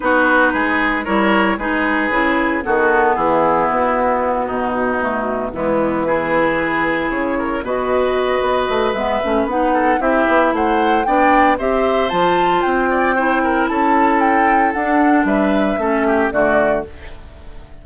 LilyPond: <<
  \new Staff \with { instrumentName = "flute" } { \time 4/4 \tempo 4 = 114 b'2 cis''4 b'4~ | b'4 a'4 gis'4 fis'4~ | fis'2~ fis'8 e'4 b'8~ | b'4. cis''4 dis''4.~ |
dis''4 e''4 fis''4 e''4 | fis''4 g''4 e''4 a''4 | g''2 a''4 g''4 | fis''4 e''2 d''4 | }
  \new Staff \with { instrumentName = "oboe" } { \time 4/4 fis'4 gis'4 ais'4 gis'4~ | gis'4 fis'4 e'2~ | e'8 dis'2 b4 gis'8~ | gis'2 ais'8 b'4.~ |
b'2~ b'8 a'8 g'4 | c''4 d''4 c''2~ | c''8 d''8 c''8 ais'8 a'2~ | a'4 b'4 a'8 g'8 fis'4 | }
  \new Staff \with { instrumentName = "clarinet" } { \time 4/4 dis'2 e'4 dis'4 | e'4 b2.~ | b4. a4 gis4 e'8~ | e'2~ e'8 fis'4.~ |
fis'4 b8 cis'8 dis'4 e'4~ | e'4 d'4 g'4 f'4~ | f'4 e'2. | d'2 cis'4 a4 | }
  \new Staff \with { instrumentName = "bassoon" } { \time 4/4 b4 gis4 g4 gis4 | cis4 dis4 e4 b4~ | b8 b,2 e4.~ | e4. cis4 b,4. |
b8 a8 gis8 a8 b4 c'8 b8 | a4 b4 c'4 f4 | c'2 cis'2 | d'4 g4 a4 d4 | }
>>